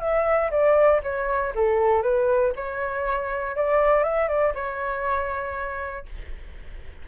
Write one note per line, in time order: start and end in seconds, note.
0.00 0.50 E5
0.51 1.01 D5
1.03 1.54 C#5
1.55 2.03 A4
2.03 2.53 B4
2.56 3.56 C#5
3.56 4.04 D5
4.04 4.28 E5
4.28 4.54 D5
4.55 6.06 C#5